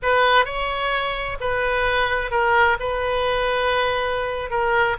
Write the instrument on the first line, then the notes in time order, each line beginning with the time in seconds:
oboe
0.02 B4
0.45 C#5
1.40 B4
2.31 A#4
2.79 B4
4.50 A#4